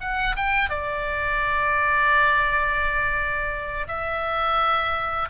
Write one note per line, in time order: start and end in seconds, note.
0.00 0.35 F#5
0.36 0.69 G5
0.69 3.87 D5
3.87 5.28 E5